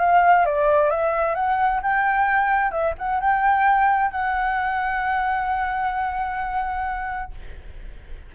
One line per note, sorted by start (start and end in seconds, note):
0.00 0.46 F5
0.46 0.90 D5
0.90 1.35 E5
1.35 1.81 F#5
1.83 2.71 G5
2.71 2.94 E5
2.99 3.21 F#5
3.21 4.11 G5
4.11 7.32 F#5